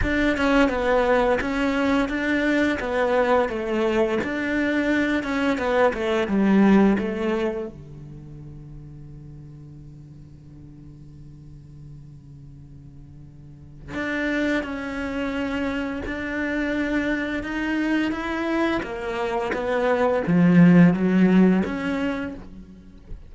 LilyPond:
\new Staff \with { instrumentName = "cello" } { \time 4/4 \tempo 4 = 86 d'8 cis'8 b4 cis'4 d'4 | b4 a4 d'4. cis'8 | b8 a8 g4 a4 d4~ | d1~ |
d1 | d'4 cis'2 d'4~ | d'4 dis'4 e'4 ais4 | b4 f4 fis4 cis'4 | }